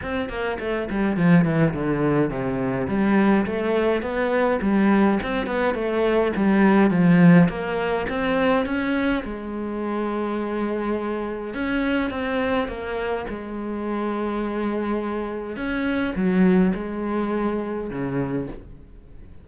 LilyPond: \new Staff \with { instrumentName = "cello" } { \time 4/4 \tempo 4 = 104 c'8 ais8 a8 g8 f8 e8 d4 | c4 g4 a4 b4 | g4 c'8 b8 a4 g4 | f4 ais4 c'4 cis'4 |
gis1 | cis'4 c'4 ais4 gis4~ | gis2. cis'4 | fis4 gis2 cis4 | }